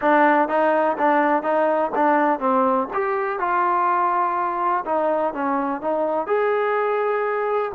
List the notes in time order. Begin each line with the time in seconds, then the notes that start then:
0.01 D4
0.48 D#4
0.98 D4
1.43 D#4
1.95 D4
2.39 C4
2.93 G4
3.39 F4
4.85 D#4
5.33 C#4
5.81 D#4
6.26 G#4